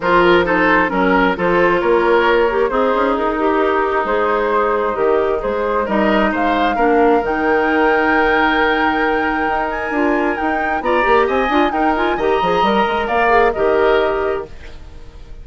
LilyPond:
<<
  \new Staff \with { instrumentName = "flute" } { \time 4/4 \tempo 4 = 133 c''8 ais'8 c''4 ais'4 c''4 | cis''2 c''4 ais'4~ | ais'4 c''2 ais'4 | c''4 dis''4 f''2 |
g''1~ | g''4. gis''4. g''4 | ais''4 gis''4 g''8 gis''8 ais''4~ | ais''4 f''4 dis''2 | }
  \new Staff \with { instrumentName = "oboe" } { \time 4/4 ais'4 a'4 ais'4 a'4 | ais'2 dis'2~ | dis'1~ | dis'4 ais'4 c''4 ais'4~ |
ais'1~ | ais'1 | d''4 dis''4 ais'4 dis''4~ | dis''4 d''4 ais'2 | }
  \new Staff \with { instrumentName = "clarinet" } { \time 4/4 f'4 dis'4 cis'4 f'4~ | f'4. g'8 gis'4. g'8~ | g'4 gis'2 g'4 | gis'4 dis'2 d'4 |
dis'1~ | dis'2 f'4 dis'4 | f'8 g'4 f'8 dis'8 f'8 g'8 gis'8 | ais'4. gis'8 g'2 | }
  \new Staff \with { instrumentName = "bassoon" } { \time 4/4 f2 fis4 f4 | ais2 c'8 cis'8 dis'4~ | dis'4 gis2 dis4 | gis4 g4 gis4 ais4 |
dis1~ | dis4 dis'4 d'4 dis'4 | b8 ais8 c'8 d'8 dis'4 dis8 f8 | g8 gis8 ais4 dis2 | }
>>